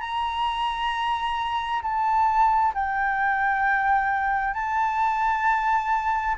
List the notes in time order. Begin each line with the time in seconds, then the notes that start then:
0.00 A#5
1.82 A5
2.74 G5
4.54 A5